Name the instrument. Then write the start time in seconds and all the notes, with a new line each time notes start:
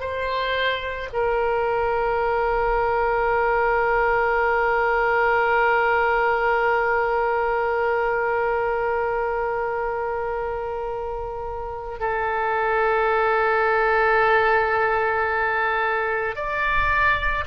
oboe
0.00 C5
1.13 A#4
12.00 A4
16.35 D5